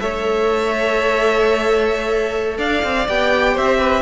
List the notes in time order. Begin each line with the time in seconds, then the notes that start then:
0.00 A3 A4 C#5 E5
2.58 D4 D5 F5
2.84 C4
3.08 B3 G4 G5
3.53 C4 C5 E5
3.79 B4